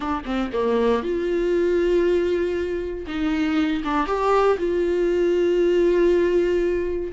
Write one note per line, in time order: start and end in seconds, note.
0.00 0.23 D4
0.25 0.50 C4
0.52 1.02 A#3
1.02 3.06 F4
3.06 3.83 D#4
3.84 4.06 D4
4.06 4.57 G4
4.58 7.12 F4